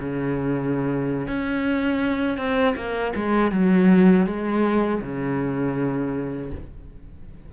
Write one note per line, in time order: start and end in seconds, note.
0.00 1.27 C#3
1.27 2.38 C#4
2.38 2.75 C4
2.76 3.14 A#3
3.15 3.51 G#3
3.51 4.26 F#3
4.26 5.01 G#3
5.01 6.51 C#3